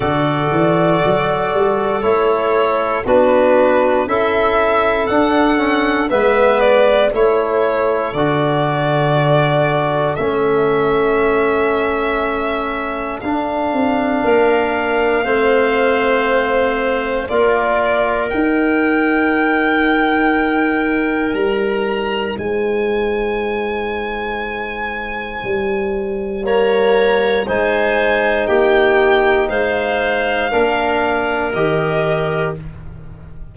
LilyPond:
<<
  \new Staff \with { instrumentName = "violin" } { \time 4/4 \tempo 4 = 59 d''2 cis''4 b'4 | e''4 fis''4 e''8 d''8 cis''4 | d''2 e''2~ | e''4 f''2.~ |
f''4 d''4 g''2~ | g''4 ais''4 gis''2~ | gis''2 ais''4 gis''4 | g''4 f''2 dis''4 | }
  \new Staff \with { instrumentName = "clarinet" } { \time 4/4 a'2. fis'4 | a'2 b'4 a'4~ | a'1~ | a'2 ais'4 c''4~ |
c''4 ais'2.~ | ais'2 c''2~ | c''2 cis''4 c''4 | g'4 c''4 ais'2 | }
  \new Staff \with { instrumentName = "trombone" } { \time 4/4 fis'2 e'4 d'4 | e'4 d'8 cis'8 b4 e'4 | fis'2 cis'2~ | cis'4 d'2 c'4~ |
c'4 f'4 dis'2~ | dis'1~ | dis'2 ais4 dis'4~ | dis'2 d'4 g'4 | }
  \new Staff \with { instrumentName = "tuba" } { \time 4/4 d8 e8 fis8 g8 a4 b4 | cis'4 d'4 gis4 a4 | d2 a2~ | a4 d'8 c'8 ais4 a4~ |
a4 ais4 dis'2~ | dis'4 g4 gis2~ | gis4 g2 gis4 | ais4 gis4 ais4 dis4 | }
>>